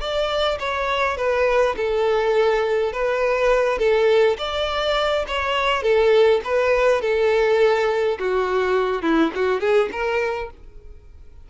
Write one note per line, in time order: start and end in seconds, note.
0.00 0.58 D5
0.59 1.17 C#5
1.17 1.75 B4
1.77 2.92 A4
2.92 3.79 B4
3.79 4.37 A4
4.38 5.25 D5
5.27 5.83 C#5
5.83 6.41 A4
6.44 7.01 B4
7.01 8.18 A4
8.19 9.02 F#4
9.02 9.31 E4
9.35 9.60 F#4
9.60 9.89 G#4
9.92 10.50 A#4